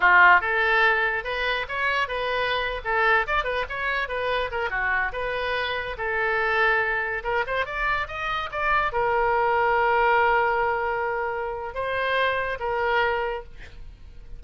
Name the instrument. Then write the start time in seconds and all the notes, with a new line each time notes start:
oboe
0.00 F4
0.40 A4
1.24 B4
1.68 C#5
2.08 B4
2.84 A4
3.26 D5
3.44 B4
3.69 C#5
4.08 B4
4.51 A#4
4.70 F#4
5.12 B4
5.97 A4
7.23 A#4
7.46 C5
7.65 D5
8.07 D#5
8.51 D5
8.92 A#4
11.74 C5
12.59 A#4